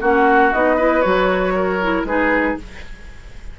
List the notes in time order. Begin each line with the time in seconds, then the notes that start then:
0.00 A#3 C#4 F#4 F#5
0.52 B3 D#4 D#5
0.76 E4 B4
1.01 F#3 F#4 C#5
1.55 A#4
1.82 E4
2.04 G#3 D#4 G#4 B4